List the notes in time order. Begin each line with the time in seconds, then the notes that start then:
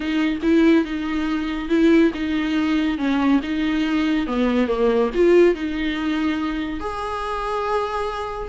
0.00 D#4
0.42 E4
0.84 D#4
1.68 E4
2.14 D#4
2.97 C#4
3.43 D#4
4.27 B3
4.67 A#3
5.14 F4
5.54 D#4
6.80 G#4